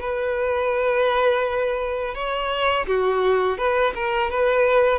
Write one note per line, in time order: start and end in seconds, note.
0.00 2.14 B4
2.14 2.86 C#5
2.86 3.57 F#4
3.57 3.93 B4
3.94 4.30 A#4
4.30 4.99 B4